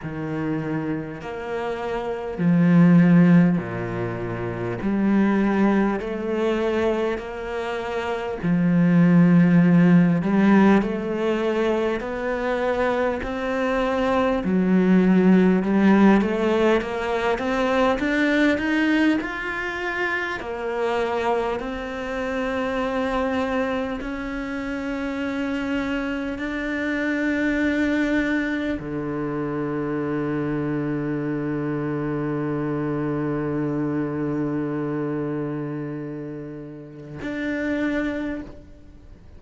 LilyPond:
\new Staff \with { instrumentName = "cello" } { \time 4/4 \tempo 4 = 50 dis4 ais4 f4 ais,4 | g4 a4 ais4 f4~ | f8 g8 a4 b4 c'4 | fis4 g8 a8 ais8 c'8 d'8 dis'8 |
f'4 ais4 c'2 | cis'2 d'2 | d1~ | d2. d'4 | }